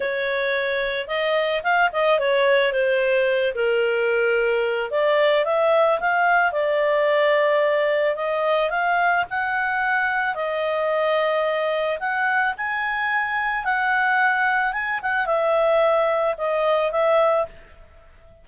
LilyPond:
\new Staff \with { instrumentName = "clarinet" } { \time 4/4 \tempo 4 = 110 cis''2 dis''4 f''8 dis''8 | cis''4 c''4. ais'4.~ | ais'4 d''4 e''4 f''4 | d''2. dis''4 |
f''4 fis''2 dis''4~ | dis''2 fis''4 gis''4~ | gis''4 fis''2 gis''8 fis''8 | e''2 dis''4 e''4 | }